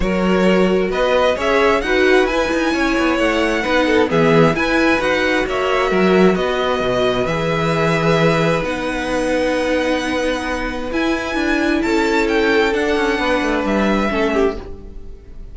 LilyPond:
<<
  \new Staff \with { instrumentName = "violin" } { \time 4/4 \tempo 4 = 132 cis''2 dis''4 e''4 | fis''4 gis''2 fis''4~ | fis''4 e''4 gis''4 fis''4 | e''2 dis''2 |
e''2. fis''4~ | fis''1 | gis''2 a''4 g''4 | fis''2 e''2 | }
  \new Staff \with { instrumentName = "violin" } { \time 4/4 ais'2 b'4 cis''4 | b'2 cis''2 | b'8 a'8 gis'4 b'2 | cis''4 ais'4 b'2~ |
b'1~ | b'1~ | b'2 a'2~ | a'4 b'2 a'8 g'8 | }
  \new Staff \with { instrumentName = "viola" } { \time 4/4 fis'2. gis'4 | fis'4 e'2. | dis'4 b4 e'4 fis'4~ | fis'1 |
gis'2. dis'4~ | dis'1 | e'1 | d'2. cis'4 | }
  \new Staff \with { instrumentName = "cello" } { \time 4/4 fis2 b4 cis'4 | dis'4 e'8 dis'8 cis'8 b8 a4 | b4 e4 e'4 dis'4 | ais4 fis4 b4 b,4 |
e2. b4~ | b1 | e'4 d'4 cis'2 | d'8 cis'8 b8 a8 g4 a4 | }
>>